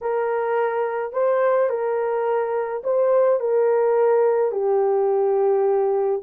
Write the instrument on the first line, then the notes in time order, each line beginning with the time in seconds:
horn
0.01 A#4
1.12 C5
1.69 A#4
2.83 C5
3.40 A#4
4.51 G4